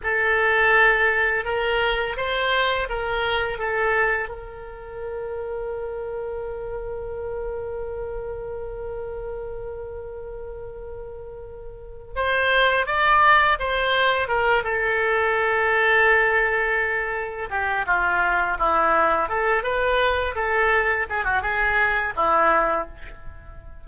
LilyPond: \new Staff \with { instrumentName = "oboe" } { \time 4/4 \tempo 4 = 84 a'2 ais'4 c''4 | ais'4 a'4 ais'2~ | ais'1~ | ais'1~ |
ais'4 c''4 d''4 c''4 | ais'8 a'2.~ a'8~ | a'8 g'8 f'4 e'4 a'8 b'8~ | b'8 a'4 gis'16 fis'16 gis'4 e'4 | }